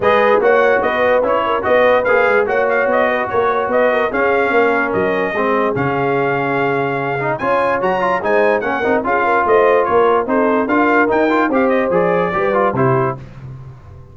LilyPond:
<<
  \new Staff \with { instrumentName = "trumpet" } { \time 4/4 \tempo 4 = 146 dis''4 fis''4 dis''4 cis''4 | dis''4 f''4 fis''8 f''8 dis''4 | cis''4 dis''4 f''2 | dis''2 f''2~ |
f''2 gis''4 ais''4 | gis''4 fis''4 f''4 dis''4 | cis''4 c''4 f''4 g''4 | f''8 dis''8 d''2 c''4 | }
  \new Staff \with { instrumentName = "horn" } { \time 4/4 b'4 cis''4 b'4. ais'8 | b'2 cis''4. b'8 | ais'8 cis''8 b'8 ais'8 gis'4 ais'4~ | ais'4 gis'2.~ |
gis'2 cis''2 | c''4 ais'4 gis'8 ais'8 c''4 | ais'4 a'4 ais'2 | c''2 b'4 g'4 | }
  \new Staff \with { instrumentName = "trombone" } { \time 4/4 gis'4 fis'2 e'4 | fis'4 gis'4 fis'2~ | fis'2 cis'2~ | cis'4 c'4 cis'2~ |
cis'4. dis'8 f'4 fis'8 f'8 | dis'4 cis'8 dis'8 f'2~ | f'4 dis'4 f'4 dis'8 f'8 | g'4 gis'4 g'8 f'8 e'4 | }
  \new Staff \with { instrumentName = "tuba" } { \time 4/4 gis4 ais4 b4 cis'4 | b4 ais8 gis8 ais4 b4 | ais4 b4 cis'4 ais4 | fis4 gis4 cis2~ |
cis2 cis'4 fis4 | gis4 ais8 c'8 cis'4 a4 | ais4 c'4 d'4 dis'4 | c'4 f4 g4 c4 | }
>>